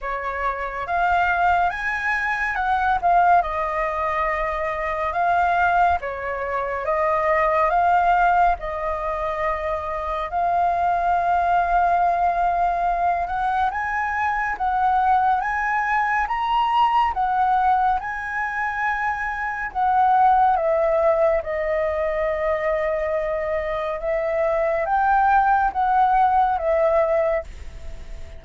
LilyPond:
\new Staff \with { instrumentName = "flute" } { \time 4/4 \tempo 4 = 70 cis''4 f''4 gis''4 fis''8 f''8 | dis''2 f''4 cis''4 | dis''4 f''4 dis''2 | f''2.~ f''8 fis''8 |
gis''4 fis''4 gis''4 ais''4 | fis''4 gis''2 fis''4 | e''4 dis''2. | e''4 g''4 fis''4 e''4 | }